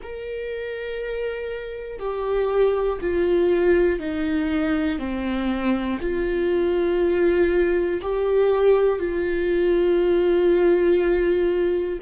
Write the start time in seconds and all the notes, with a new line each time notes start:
0.02 A#4
1.99 G4
3.00 F4
4.00 D#4
4.99 C4
6.00 F4
8.01 G4
8.99 F4